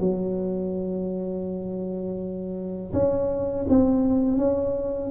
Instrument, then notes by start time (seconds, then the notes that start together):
tuba
0.00 F#3
2.93 C#4
3.69 C4
4.37 C#4